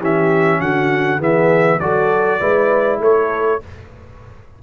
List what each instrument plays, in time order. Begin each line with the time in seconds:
0.00 tuba E3, trombone C#4, horn G4, trumpet E5
0.60 tuba D3, horn F#4, trumpet F#5
1.19 tuba E3, trombone B3, horn G#4, trumpet E5
1.80 tuba F#3, trombone F#4, horn A4, trumpet D5
2.40 tuba G#3, trombone E4, horn B4
3.00 tuba A3, horn A4, trumpet C#5